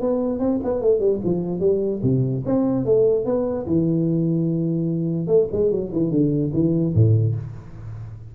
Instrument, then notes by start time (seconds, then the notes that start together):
tuba
0.00 B3
0.39 C4
0.63 B3
0.81 A3
0.99 G3
1.24 F3
1.60 G3
2.02 C3
2.45 C4
2.85 A3
3.25 B3
3.66 E3
5.27 A3
5.52 G#3
5.71 F#3
5.92 E3
6.11 D3
6.53 E3
6.94 A2